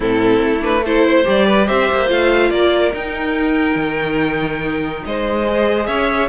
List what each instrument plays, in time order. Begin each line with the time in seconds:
0.00 cello A2, viola C4, violin E4 A4
0.40 cello A3
0.60 viola D4, violin B4
0.83 viola E4, violin A4 C5
1.05 violin C5
1.24 cello G3, viola G4, violin D5
1.45 violin B4
1.66 cello C4, violin C5 E5
1.91 cello A#3
2.07 cello A3, viola F4, violin F5
2.50 cello A#3, violin A#4 D5
2.93 viola D#4, cello D#4, violin G5
3.75 cello D#3
5.04 cello G#3, violin C5 D#5
5.46 viola G#4
5.86 cello C#4, violin C#5 E5